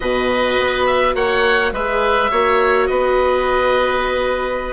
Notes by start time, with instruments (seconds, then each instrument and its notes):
0.00 bassoon B2, viola F#4, oboe B4 D#5
0.59 bassoon B3
0.85 oboe E5
1.14 bassoon A#3, oboe C#5 F#5
1.72 bassoon G#3, viola G#4, oboe B4 E5
2.31 bassoon A#3, viola F#4, oboe C#5
2.87 bassoon B3, oboe B4 D#5